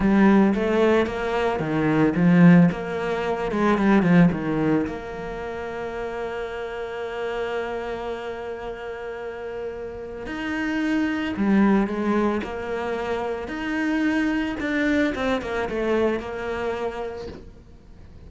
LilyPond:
\new Staff \with { instrumentName = "cello" } { \time 4/4 \tempo 4 = 111 g4 a4 ais4 dis4 | f4 ais4. gis8 g8 f8 | dis4 ais2.~ | ais1~ |
ais2. dis'4~ | dis'4 g4 gis4 ais4~ | ais4 dis'2 d'4 | c'8 ais8 a4 ais2 | }